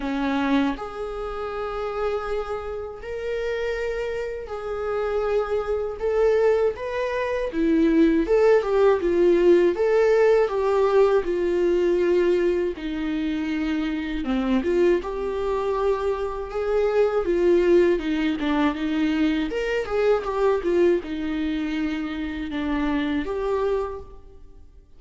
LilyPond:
\new Staff \with { instrumentName = "viola" } { \time 4/4 \tempo 4 = 80 cis'4 gis'2. | ais'2 gis'2 | a'4 b'4 e'4 a'8 g'8 | f'4 a'4 g'4 f'4~ |
f'4 dis'2 c'8 f'8 | g'2 gis'4 f'4 | dis'8 d'8 dis'4 ais'8 gis'8 g'8 f'8 | dis'2 d'4 g'4 | }